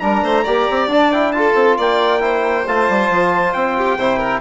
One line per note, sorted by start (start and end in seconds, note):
0.00 0.23 G3
0.00 0.45 D4
0.00 0.24 A#4
0.00 0.88 A#5
0.23 0.45 A3
0.23 0.45 C5
0.45 0.69 A#3
0.45 0.91 G4
0.45 1.33 D5
0.70 0.87 C4
0.87 1.53 D4
0.87 1.13 D4
0.87 1.12 A5
1.12 1.35 E4
1.12 1.33 G5
1.33 2.20 F4
1.33 1.78 A4
1.33 1.77 A5
1.55 1.77 C4
1.78 2.67 A#3
1.78 2.22 D5
1.78 2.68 G5
2.20 2.64 E4
2.20 3.77 C5
2.67 2.89 A3
2.67 3.99 F4
2.67 3.53 A5
2.89 3.10 G3
3.10 3.54 F3
3.53 3.98 C4
3.53 4.41 G5
3.78 3.99 G4
3.98 4.41 C3
3.98 4.41 E4
3.98 4.19 C5
4.19 4.41 A#4